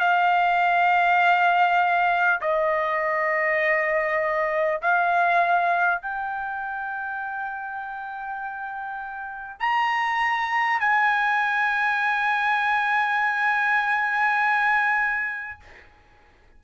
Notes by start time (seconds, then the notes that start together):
0.00 F5
2.41 D#5
4.82 F5
6.02 G5
9.59 A#5
10.79 G#5